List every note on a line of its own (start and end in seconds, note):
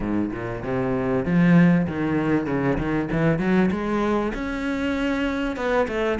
0.00 0.31 G#2
0.31 0.62 A#2
0.63 1.25 C3
1.25 1.87 F3
1.87 2.46 D#3
2.46 2.77 C#3
2.78 3.08 D#3
3.12 3.39 E3
3.39 3.69 F#3
3.71 4.32 G#3
4.34 5.56 C#4
5.56 5.87 B3
5.88 6.19 A3